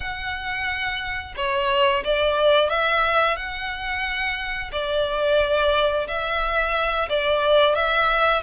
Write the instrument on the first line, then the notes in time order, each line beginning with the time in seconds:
violin
0.00 F#5
1.36 C#5
2.04 D5
2.69 E5
3.36 F#5
4.72 D5
6.07 E5
7.09 D5
7.75 E5